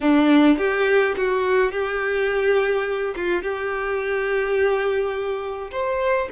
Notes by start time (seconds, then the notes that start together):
0.00 D4
0.58 G4
1.16 F#4
1.71 G4
3.15 F4
3.42 G4
5.71 C5